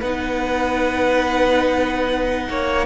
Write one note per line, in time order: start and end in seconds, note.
0.00 2.48 B3
0.00 2.86 D#4
0.00 2.47 B4
0.00 2.86 F#5
2.49 2.86 A#3
2.49 2.86 C#5